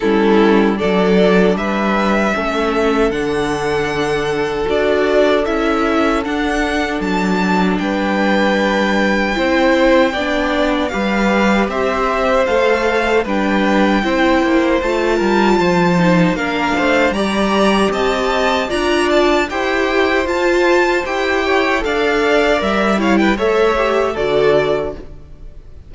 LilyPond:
<<
  \new Staff \with { instrumentName = "violin" } { \time 4/4 \tempo 4 = 77 a'4 d''4 e''2 | fis''2 d''4 e''4 | fis''4 a''4 g''2~ | g''2 f''4 e''4 |
f''4 g''2 a''4~ | a''4 f''4 ais''4 a''4 | ais''8 a''8 g''4 a''4 g''4 | f''4 e''8 f''16 g''16 e''4 d''4 | }
  \new Staff \with { instrumentName = "violin" } { \time 4/4 e'4 a'4 b'4 a'4~ | a'1~ | a'2 b'2 | c''4 d''4 b'4 c''4~ |
c''4 b'4 c''4. ais'8 | c''4 ais'8 c''8 d''4 dis''4 | d''4 c''2~ c''8 cis''8 | d''4. cis''16 b'16 cis''4 a'4 | }
  \new Staff \with { instrumentName = "viola" } { \time 4/4 cis'4 d'2 cis'4 | d'2 fis'4 e'4 | d'1 | e'4 d'4 g'2 |
a'4 d'4 e'4 f'4~ | f'8 dis'8 d'4 g'2 | f'4 g'4 f'4 g'4 | a'4 ais'8 e'8 a'8 g'8 fis'4 | }
  \new Staff \with { instrumentName = "cello" } { \time 4/4 g4 fis4 g4 a4 | d2 d'4 cis'4 | d'4 fis4 g2 | c'4 b4 g4 c'4 |
a4 g4 c'8 ais8 a8 g8 | f4 ais8 a8 g4 c'4 | d'4 e'4 f'4 e'4 | d'4 g4 a4 d4 | }
>>